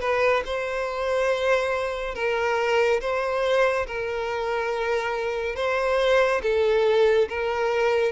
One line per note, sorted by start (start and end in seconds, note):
0.00 0.43 B4
0.45 2.14 C5
2.14 3.00 A#4
3.00 3.86 C5
3.86 5.55 A#4
5.55 6.41 C5
6.42 7.28 A4
7.29 8.12 A#4